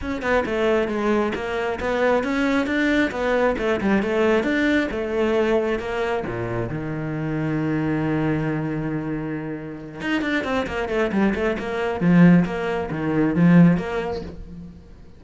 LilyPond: \new Staff \with { instrumentName = "cello" } { \time 4/4 \tempo 4 = 135 cis'8 b8 a4 gis4 ais4 | b4 cis'4 d'4 b4 | a8 g8 a4 d'4 a4~ | a4 ais4 ais,4 dis4~ |
dis1~ | dis2~ dis8 dis'8 d'8 c'8 | ais8 a8 g8 a8 ais4 f4 | ais4 dis4 f4 ais4 | }